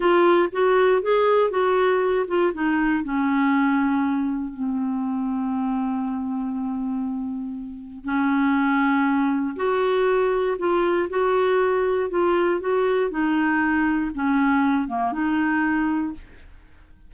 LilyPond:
\new Staff \with { instrumentName = "clarinet" } { \time 4/4 \tempo 4 = 119 f'4 fis'4 gis'4 fis'4~ | fis'8 f'8 dis'4 cis'2~ | cis'4 c'2.~ | c'1 |
cis'2. fis'4~ | fis'4 f'4 fis'2 | f'4 fis'4 dis'2 | cis'4. ais8 dis'2 | }